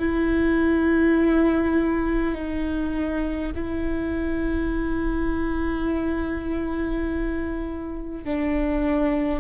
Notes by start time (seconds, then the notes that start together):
0.00 E4
2.35 D#4
3.56 E4
8.25 D4